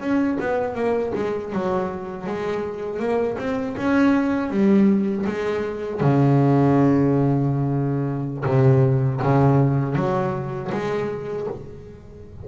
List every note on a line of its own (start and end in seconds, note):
0.00 0.38 C#4
0.40 0.75 B3
0.75 1.12 A#3
1.15 1.52 G#3
1.53 2.27 F#3
2.27 2.99 G#3
2.99 3.37 A#3
3.39 3.76 C4
3.77 4.50 C#4
4.50 5.25 G3
5.26 6.00 G#3
6.00 8.44 C#3
8.45 9.20 C3
9.22 9.95 C#3
9.95 10.70 F#3
10.72 11.47 G#3